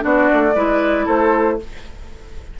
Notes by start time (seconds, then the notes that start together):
0.00 B3 D4 F#4 D5
0.34 A3
0.55 G#3 E4 B4
1.06 A3 A4 C5